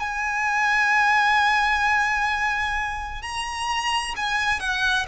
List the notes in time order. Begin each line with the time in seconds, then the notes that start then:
0.00 G#5
3.22 A#5
4.17 G#5
4.60 F#5